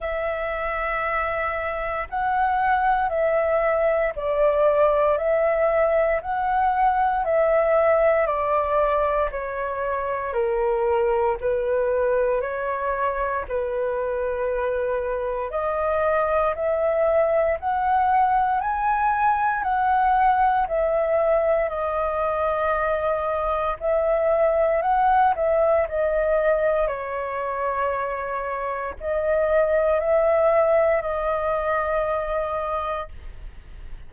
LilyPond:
\new Staff \with { instrumentName = "flute" } { \time 4/4 \tempo 4 = 58 e''2 fis''4 e''4 | d''4 e''4 fis''4 e''4 | d''4 cis''4 ais'4 b'4 | cis''4 b'2 dis''4 |
e''4 fis''4 gis''4 fis''4 | e''4 dis''2 e''4 | fis''8 e''8 dis''4 cis''2 | dis''4 e''4 dis''2 | }